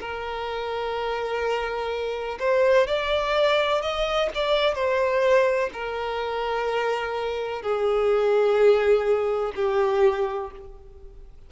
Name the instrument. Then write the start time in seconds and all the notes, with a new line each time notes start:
violin
0.00 A#4
2.39 C5
2.87 D5
3.82 D#5
4.35 D5
4.74 C5
5.73 A#4
7.62 G#4
9.55 G4